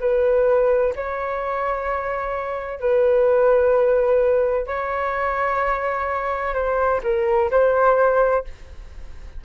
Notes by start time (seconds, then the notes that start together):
0.00 B4
0.95 C#5
2.80 B4
4.67 C#5
6.54 C5
7.04 A#4
7.51 C5